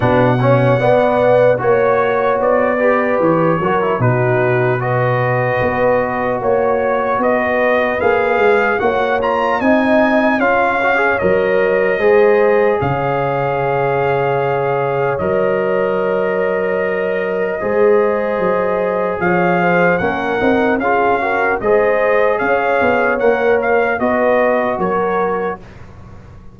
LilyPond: <<
  \new Staff \with { instrumentName = "trumpet" } { \time 4/4 \tempo 4 = 75 fis''2 cis''4 d''4 | cis''4 b'4 dis''2 | cis''4 dis''4 f''4 fis''8 ais''8 | gis''4 f''4 dis''2 |
f''2. dis''4~ | dis''1 | f''4 fis''4 f''4 dis''4 | f''4 fis''8 f''8 dis''4 cis''4 | }
  \new Staff \with { instrumentName = "horn" } { \time 4/4 b'8 cis''8 d''4 cis''4. b'8~ | b'8 ais'8 fis'4 b'2 | cis''4 b'2 cis''4 | dis''4 cis''2 c''4 |
cis''1~ | cis''2 c''2 | cis''8 c''8 ais'4 gis'8 ais'8 c''4 | cis''2 b'4 ais'4 | }
  \new Staff \with { instrumentName = "trombone" } { \time 4/4 d'8 cis'8 b4 fis'4. g'8~ | g'8 fis'16 e'16 dis'4 fis'2~ | fis'2 gis'4 fis'8 f'8 | dis'4 f'8 fis'16 gis'16 ais'4 gis'4~ |
gis'2. ais'4~ | ais'2 gis'2~ | gis'4 cis'8 dis'8 f'8 fis'8 gis'4~ | gis'4 ais'4 fis'2 | }
  \new Staff \with { instrumentName = "tuba" } { \time 4/4 b,4 b4 ais4 b4 | e8 fis8 b,2 b4 | ais4 b4 ais8 gis8 ais4 | c'4 cis'4 fis4 gis4 |
cis2. fis4~ | fis2 gis4 fis4 | f4 ais8 c'8 cis'4 gis4 | cis'8 b8 ais4 b4 fis4 | }
>>